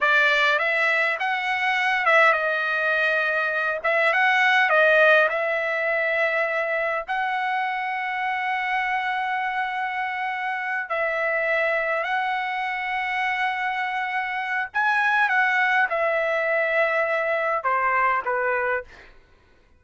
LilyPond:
\new Staff \with { instrumentName = "trumpet" } { \time 4/4 \tempo 4 = 102 d''4 e''4 fis''4. e''8 | dis''2~ dis''8 e''8 fis''4 | dis''4 e''2. | fis''1~ |
fis''2~ fis''8 e''4.~ | e''8 fis''2.~ fis''8~ | fis''4 gis''4 fis''4 e''4~ | e''2 c''4 b'4 | }